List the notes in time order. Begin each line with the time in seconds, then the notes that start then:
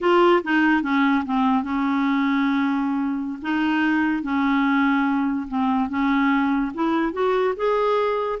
0.00 F4
0.43 D#4
0.82 C#4
1.25 C4
1.63 C#4
3.42 D#4
4.22 C#4
5.48 C4
5.89 C#4
6.74 E4
7.12 F#4
7.56 G#4